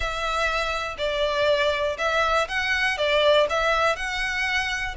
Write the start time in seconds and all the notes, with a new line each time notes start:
0.00 E5
0.98 D5
1.98 E5
2.48 F#5
2.97 D5
3.49 E5
3.95 F#5